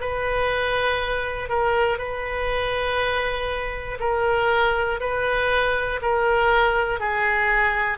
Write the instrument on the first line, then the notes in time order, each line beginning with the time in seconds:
oboe
0.00 B4
1.49 A#4
1.98 B4
4.00 A#4
5.00 B4
6.01 A#4
7.00 G#4